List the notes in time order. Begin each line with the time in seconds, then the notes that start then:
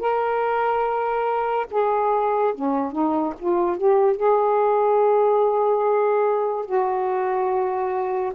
0.00 A#4
1.71 G#4
2.55 C#4
2.92 D#4
3.39 F4
3.77 G4
4.17 G#4
6.66 F#4